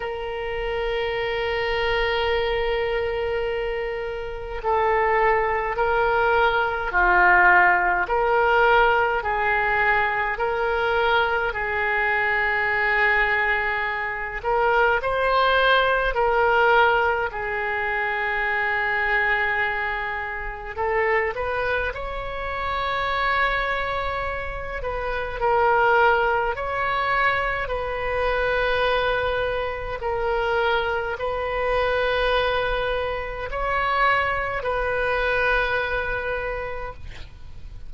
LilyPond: \new Staff \with { instrumentName = "oboe" } { \time 4/4 \tempo 4 = 52 ais'1 | a'4 ais'4 f'4 ais'4 | gis'4 ais'4 gis'2~ | gis'8 ais'8 c''4 ais'4 gis'4~ |
gis'2 a'8 b'8 cis''4~ | cis''4. b'8 ais'4 cis''4 | b'2 ais'4 b'4~ | b'4 cis''4 b'2 | }